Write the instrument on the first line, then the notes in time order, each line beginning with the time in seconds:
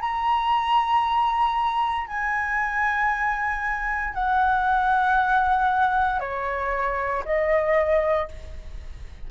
flute
0.00 A#5
2.07 G#5
4.14 F#5
6.20 C#5
7.25 D#5